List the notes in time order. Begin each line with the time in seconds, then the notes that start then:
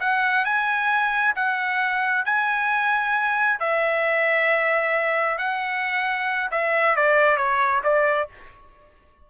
0.00 F#5
0.45 G#5
1.36 F#5
2.25 G#5
3.59 E5
5.38 F#5
6.51 E5
6.96 D5
7.37 C#5
7.84 D5